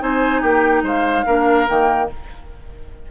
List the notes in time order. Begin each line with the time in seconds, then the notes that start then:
0.00 C4 D#4 C5 G#5
0.41 A#3 G4 G5
0.83 G#3 C5 F5
1.26 A#3 D4 A#4
1.67 D#3 A#3 G5